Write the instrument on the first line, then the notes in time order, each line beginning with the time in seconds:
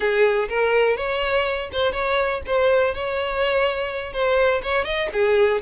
violin
0.00 G#4
0.49 A#4
0.96 C#5
1.72 C5
1.92 C#5
2.46 C5
2.94 C#5
4.12 C5
4.63 C#5
4.84 D#5
5.12 G#4